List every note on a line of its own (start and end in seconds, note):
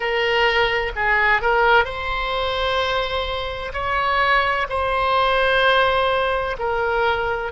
0.00 0.92 A#4
0.95 1.41 G#4
1.41 1.85 A#4
1.85 3.72 C5
3.73 4.67 C#5
4.69 6.56 C5
6.58 7.52 A#4